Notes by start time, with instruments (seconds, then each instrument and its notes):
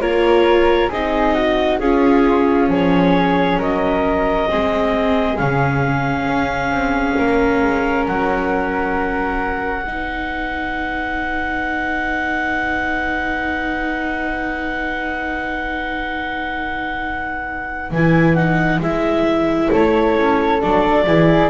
0.00 double bass A#3, viola F4, flute A#4, clarinet C#5
0.89 double bass C4, viola D#4, flute G#4, clarinet D#5
1.34 flute F#4
1.79 double bass C#4, viola C#4, flute F4, clarinet G#4
2.68 double bass F3, flute G#4, clarinet C#5
3.57 double bass F#3, flute A#4, clarinet D#5
4.49 double bass G#3, viola C4, flute G#4
5.37 double bass C#3, viola C#4, clarinet F5
6.27 double bass C#4
6.71 double bass C4
7.17 double bass A#3, flute A#4
7.62 double bass G#3
8.07 double bass F#3, clarinet F#5
9.85 double bass B3, viola D#4, flute B4
17.91 double bass E3, viola E4, clarinet G#5
18.35 viola D#4, clarinet F#5
18.80 double bass G#3, viola E4, clarinet E5
19.71 double bass A3, flute A4, clarinet C#5
20.16 double bass C#4
20.61 double bass F#3, viola D4, clarinet D5
21.07 double bass E3, viola E4, flute G#4